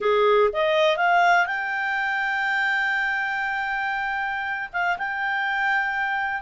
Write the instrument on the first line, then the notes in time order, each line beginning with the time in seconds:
clarinet
0.00 G#4
0.52 D#5
0.96 F5
1.46 G5
4.72 F5
4.97 G5